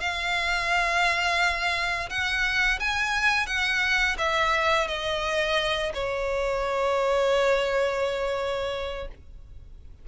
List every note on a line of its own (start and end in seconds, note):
0.00 2.09 F5
2.09 2.79 F#5
2.79 3.47 G#5
3.47 4.16 F#5
4.18 4.88 E5
4.88 5.92 D#5
5.94 9.08 C#5